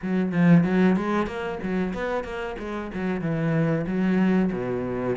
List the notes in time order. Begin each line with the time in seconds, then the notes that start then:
0.02 F#3
0.32 F3
0.64 F#3
0.96 G#3
1.26 A#3
1.62 F#3
1.93 B3
2.23 A#3
2.58 G#3
2.94 F#3
3.21 E3
3.86 F#3
4.52 B2